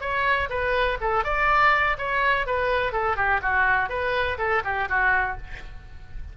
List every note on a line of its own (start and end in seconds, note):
0.00 0.48 C#5
0.49 0.98 B4
1.01 1.24 A4
1.24 1.96 D5
1.98 2.46 C#5
2.46 2.92 B4
2.92 3.16 A4
3.16 3.40 G4
3.42 3.89 F#4
3.89 4.37 B4
4.38 4.62 A4
4.64 4.88 G4
4.88 5.37 F#4